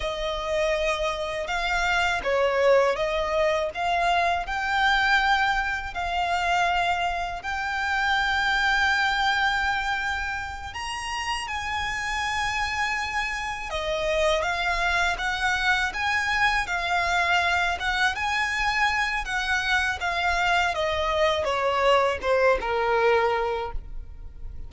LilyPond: \new Staff \with { instrumentName = "violin" } { \time 4/4 \tempo 4 = 81 dis''2 f''4 cis''4 | dis''4 f''4 g''2 | f''2 g''2~ | g''2~ g''8 ais''4 gis''8~ |
gis''2~ gis''8 dis''4 f''8~ | f''8 fis''4 gis''4 f''4. | fis''8 gis''4. fis''4 f''4 | dis''4 cis''4 c''8 ais'4. | }